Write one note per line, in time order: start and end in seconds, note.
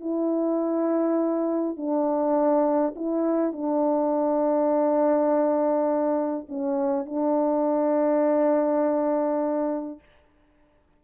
0.00 1.76 E4
1.76 2.94 D4
2.95 3.52 E4
3.52 6.46 D4
6.49 7.05 C#4
7.05 9.99 D4